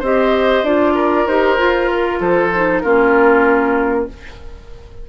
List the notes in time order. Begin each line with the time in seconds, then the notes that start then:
0.00 C4 G4 C5 D#5
0.63 D4 F4 D5
0.95 A#4
1.27 D#4 G4 C5
1.58 F4
1.89 A#4
2.20 F3 A4 C5
2.55 D#4
2.81 A#3 C#4 F4 A#4